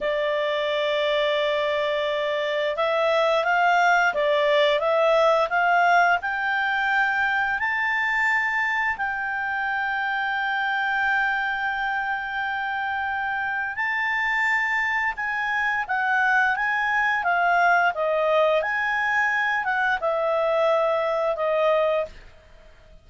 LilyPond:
\new Staff \with { instrumentName = "clarinet" } { \time 4/4 \tempo 4 = 87 d''1 | e''4 f''4 d''4 e''4 | f''4 g''2 a''4~ | a''4 g''2.~ |
g''1 | a''2 gis''4 fis''4 | gis''4 f''4 dis''4 gis''4~ | gis''8 fis''8 e''2 dis''4 | }